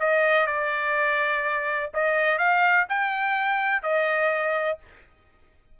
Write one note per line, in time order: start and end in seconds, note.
0.00 0.47 D#5
0.47 1.91 D5
1.94 2.39 D#5
2.39 2.87 F5
2.90 3.83 G5
3.83 4.79 D#5